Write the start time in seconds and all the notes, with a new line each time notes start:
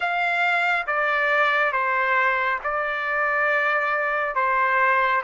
0.00 F5
0.87 D5
1.72 C5
2.63 D5
4.35 C5